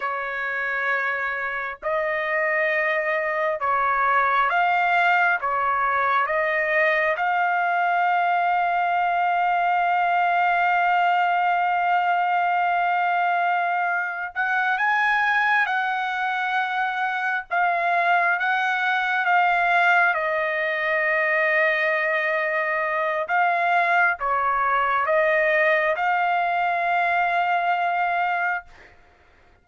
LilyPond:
\new Staff \with { instrumentName = "trumpet" } { \time 4/4 \tempo 4 = 67 cis''2 dis''2 | cis''4 f''4 cis''4 dis''4 | f''1~ | f''1 |
fis''8 gis''4 fis''2 f''8~ | f''8 fis''4 f''4 dis''4.~ | dis''2 f''4 cis''4 | dis''4 f''2. | }